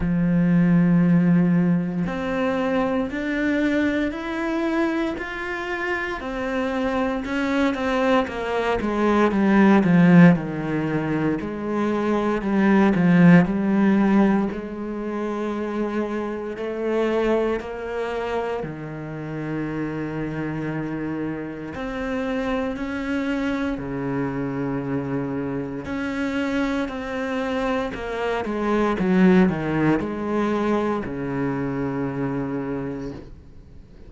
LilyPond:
\new Staff \with { instrumentName = "cello" } { \time 4/4 \tempo 4 = 58 f2 c'4 d'4 | e'4 f'4 c'4 cis'8 c'8 | ais8 gis8 g8 f8 dis4 gis4 | g8 f8 g4 gis2 |
a4 ais4 dis2~ | dis4 c'4 cis'4 cis4~ | cis4 cis'4 c'4 ais8 gis8 | fis8 dis8 gis4 cis2 | }